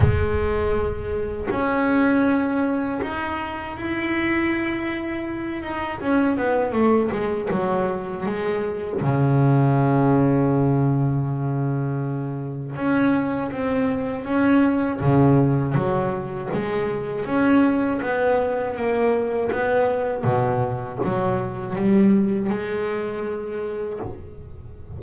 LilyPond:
\new Staff \with { instrumentName = "double bass" } { \time 4/4 \tempo 4 = 80 gis2 cis'2 | dis'4 e'2~ e'8 dis'8 | cis'8 b8 a8 gis8 fis4 gis4 | cis1~ |
cis4 cis'4 c'4 cis'4 | cis4 fis4 gis4 cis'4 | b4 ais4 b4 b,4 | fis4 g4 gis2 | }